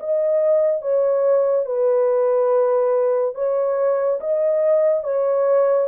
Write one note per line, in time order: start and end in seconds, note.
0.00 0.82 D#5
0.82 1.66 C#5
1.66 3.35 B4
3.35 4.20 C#5
4.21 5.04 D#5
5.04 5.88 C#5